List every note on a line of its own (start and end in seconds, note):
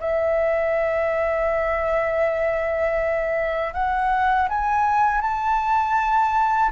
0.00 3.74 E5
3.74 4.49 F#5
4.49 5.21 G#5
5.21 6.71 A5